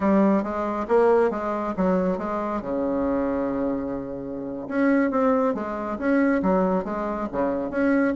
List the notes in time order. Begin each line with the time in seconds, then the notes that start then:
0.00 G3
0.43 G#3
0.87 A#3
1.30 G#3
1.76 F#3
2.18 G#3
2.61 C#3
4.68 C#4
5.11 C4
5.54 G#3
5.98 C#4
6.42 F#3
6.84 G#3
7.32 C#3
7.70 C#4